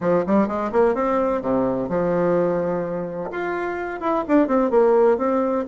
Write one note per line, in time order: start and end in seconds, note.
0.01 0.24 F3
0.26 0.47 G3
0.47 0.71 G#3
0.72 0.94 A#3
0.94 1.41 C4
1.41 1.88 C3
1.88 3.30 F3
3.31 4.00 F4
4.00 4.24 E4
4.28 4.47 D4
4.47 4.70 C4
4.70 5.17 A#3
5.17 5.64 C4